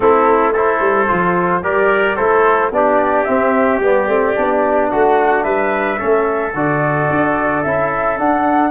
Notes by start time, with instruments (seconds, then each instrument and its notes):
0.00 tuba A3, trombone C4, trumpet E4, flute A4
0.52 trombone E4, trumpet A4, flute C5
0.80 tuba G3
1.07 tuba F3, trombone F4
1.62 tuba G3, trombone G4, trumpet A#4, flute D5
2.15 tuba A3, trombone E4, trumpet A4, flute C5
2.71 tuba B3, trombone D4, trumpet G4, flute D5
3.24 trombone C4, tuba C4, flute E5
3.80 tuba G3, trombone B3, flute D5
4.07 tuba A3, trombone C4
4.35 tuba B3, trombone D4
4.90 tuba A3, trumpet F#4, flute F#5
5.43 tuba G3, trumpet B4, flute E5
5.98 tuba A3, trombone C#4, trumpet A4
6.54 tuba D3, trombone F#4, flute D5
7.10 tuba D4
7.63 tuba C#4, trombone E4, flute E5
8.18 trombone D4, tuba D4, flute F#5